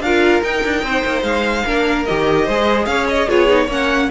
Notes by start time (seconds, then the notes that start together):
0.00 D4 F4 A#4 F5
0.42 D#4 G5
0.64 D4
0.83 C4 C5
1.05 A#3
1.22 G#3 F5
1.65 A#3 D4 A#4
2.05 D#3 G4 D#5
2.45 G#3 G#4 C5
2.86 C#4 C#5 F5
3.08 D#5
3.28 B3 F4 G#4 C#5
3.48 D#4
3.65 A#3 C#4 C#5
3.72 F#5